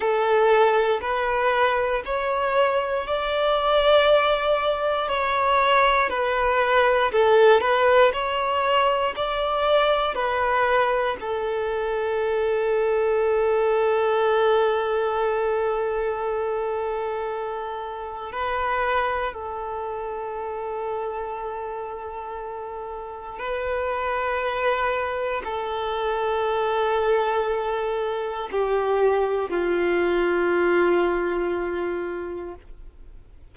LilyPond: \new Staff \with { instrumentName = "violin" } { \time 4/4 \tempo 4 = 59 a'4 b'4 cis''4 d''4~ | d''4 cis''4 b'4 a'8 b'8 | cis''4 d''4 b'4 a'4~ | a'1~ |
a'2 b'4 a'4~ | a'2. b'4~ | b'4 a'2. | g'4 f'2. | }